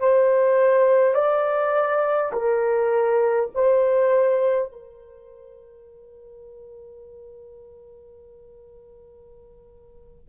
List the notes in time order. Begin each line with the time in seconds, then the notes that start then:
0.00 C5
1.15 D5
2.33 A#4
3.55 C5
4.72 A#4